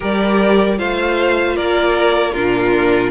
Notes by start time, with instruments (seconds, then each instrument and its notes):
0.00 cello G3, viola G4, violin A#4 D5
0.77 cello A3, viola F4, violin C5 F5
1.56 cello A#3, violin A#4 D5
2.32 cello A#2, viola D4, violin F4 A#4